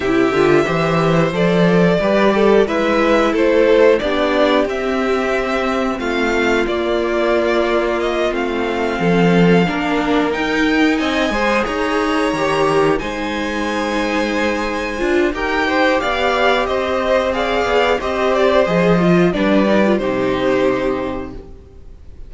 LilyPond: <<
  \new Staff \with { instrumentName = "violin" } { \time 4/4 \tempo 4 = 90 e''2 d''2 | e''4 c''4 d''4 e''4~ | e''4 f''4 d''2 | dis''8 f''2. g''8~ |
g''8 gis''4 ais''2 gis''8~ | gis''2. g''4 | f''4 dis''4 f''4 dis''8 d''8 | dis''4 d''4 c''2 | }
  \new Staff \with { instrumentName = "violin" } { \time 4/4 g'4 c''2 b'8 a'8 | b'4 a'4 g'2~ | g'4 f'2.~ | f'4. a'4 ais'4.~ |
ais'8 dis''8 c''8 cis''2 c''8~ | c''2. ais'8 c''8 | d''4 c''4 d''4 c''4~ | c''4 b'4 g'2 | }
  \new Staff \with { instrumentName = "viola" } { \time 4/4 e'8 f'8 g'4 a'4 g'4 | e'2 d'4 c'4~ | c'2 ais2~ | ais8 c'2 d'4 dis'8~ |
dis'4 gis'4. g'4 dis'8~ | dis'2~ dis'8 f'8 g'4~ | g'2 gis'4 g'4 | gis'8 f'8 d'8 dis'16 f'16 dis'2 | }
  \new Staff \with { instrumentName = "cello" } { \time 4/4 c8 d8 e4 f4 g4 | gis4 a4 b4 c'4~ | c'4 a4 ais2~ | ais8 a4 f4 ais4 dis'8~ |
dis'8 c'8 gis8 dis'4 dis4 gis8~ | gis2~ gis8 d'8 dis'4 | b4 c'4. b8 c'4 | f4 g4 c2 | }
>>